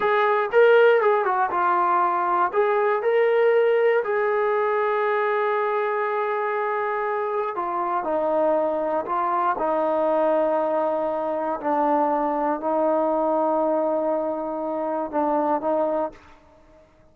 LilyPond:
\new Staff \with { instrumentName = "trombone" } { \time 4/4 \tempo 4 = 119 gis'4 ais'4 gis'8 fis'8 f'4~ | f'4 gis'4 ais'2 | gis'1~ | gis'2. f'4 |
dis'2 f'4 dis'4~ | dis'2. d'4~ | d'4 dis'2.~ | dis'2 d'4 dis'4 | }